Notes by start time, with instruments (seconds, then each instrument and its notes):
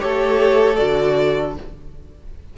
0.00 cello A3, viola G4, violin A4 C#5
0.77 cello D3, viola F#4, violin D5